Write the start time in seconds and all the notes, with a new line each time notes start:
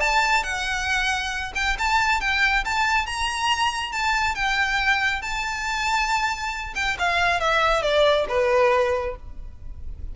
0.00 A5
0.43 F#5
1.55 G5
1.78 A5
2.21 G5
2.64 A5
3.06 A#5
3.92 A5
4.35 G5
5.22 A5
6.75 G5
6.99 F5
7.40 E5
7.82 D5
8.29 B4